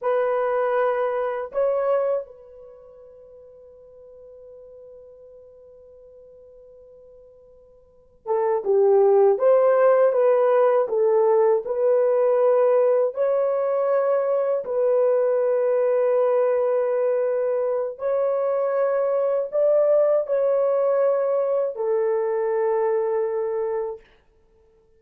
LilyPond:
\new Staff \with { instrumentName = "horn" } { \time 4/4 \tempo 4 = 80 b'2 cis''4 b'4~ | b'1~ | b'2. a'8 g'8~ | g'8 c''4 b'4 a'4 b'8~ |
b'4. cis''2 b'8~ | b'1 | cis''2 d''4 cis''4~ | cis''4 a'2. | }